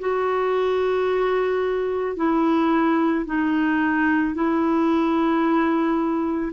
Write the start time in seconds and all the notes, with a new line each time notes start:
0.00 F#4
2.17 E4
3.26 D#4
4.35 E4